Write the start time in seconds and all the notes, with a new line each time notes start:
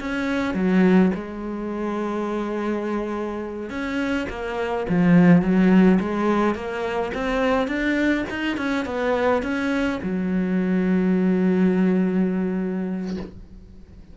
0.00 C#4
0.54 F#3
1.15 G#3
3.70 C#4
4.29 A#3
4.89 F3
5.42 F#3
6.00 G#3
6.55 A#3
7.14 C4
7.68 D4
8.30 D#4
8.57 C#4
8.85 B3
9.43 C#4
10.03 F#3